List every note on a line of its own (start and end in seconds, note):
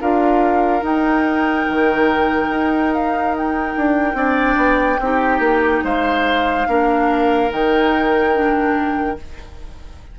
0.00 0.83 D4
0.00 0.82 F4
0.00 4.17 A#4
0.00 0.84 F5
0.82 4.15 D#4
0.82 1.66 D#4
0.82 2.94 G5
1.69 2.49 D#3
2.49 3.74 D#4
2.94 3.35 F5
3.37 5.85 G5
3.77 4.14 D4
4.14 4.56 C4
4.14 4.98 D4
4.14 5.00 D5
4.57 4.98 B3
5.00 5.39 C4
5.00 6.68 D#4
5.00 5.84 G4
5.39 5.81 A#3
5.84 6.67 G#3
5.84 6.68 C5
5.84 7.52 F5
6.68 7.51 A#3
6.68 7.49 D4
6.68 9.19 A#4
7.49 9.18 D#3
7.49 8.33 D#4
7.49 9.19 G5
8.34 9.17 D4